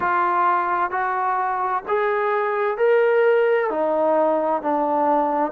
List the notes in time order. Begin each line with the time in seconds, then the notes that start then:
0.00 F4
0.91 F#4
1.88 G#4
2.77 A#4
3.69 D#4
4.62 D4